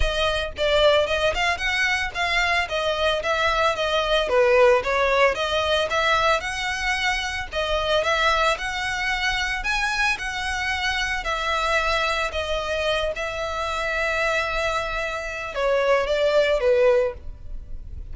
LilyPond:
\new Staff \with { instrumentName = "violin" } { \time 4/4 \tempo 4 = 112 dis''4 d''4 dis''8 f''8 fis''4 | f''4 dis''4 e''4 dis''4 | b'4 cis''4 dis''4 e''4 | fis''2 dis''4 e''4 |
fis''2 gis''4 fis''4~ | fis''4 e''2 dis''4~ | dis''8 e''2.~ e''8~ | e''4 cis''4 d''4 b'4 | }